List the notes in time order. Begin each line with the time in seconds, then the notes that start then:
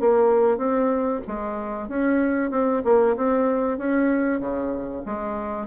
0.00 A#3
0.58 C4
1.27 G#3
1.88 C#4
2.51 C4
2.84 A#3
3.16 C4
3.78 C#4
4.40 C#3
5.06 G#3